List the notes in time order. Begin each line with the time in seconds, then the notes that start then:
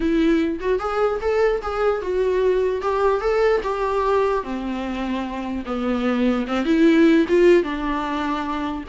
0.00 E4
0.60 F#4
0.79 G#4
1.21 A4
1.62 G#4
2.01 F#4
2.81 G4
3.20 A4
3.62 G4
4.43 C4
5.65 B3
6.47 C4
6.65 E4
7.28 F4
7.63 D4